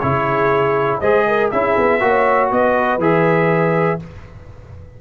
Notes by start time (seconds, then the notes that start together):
0.00 C#3 E4 G#4 C#5
1.00 G#3 G#4 C5 D#5
1.27 A#4
1.51 C#4 E4 G#4 E5
1.78 B3
2.01 A#3 F#4 C#5
2.52 B3 B4 D#5
2.98 E3 G#4 E5